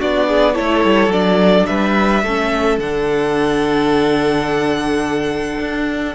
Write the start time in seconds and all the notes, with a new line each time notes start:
0.00 B3 D4 F#4 D5
0.28 G#4
0.54 A3 E4 A4 C#5
0.85 G3
1.08 F#3 D4 D5
1.67 G3 B4 E5
2.23 A3 C#4 A4
2.79 D3 D4 F#5
5.60 D4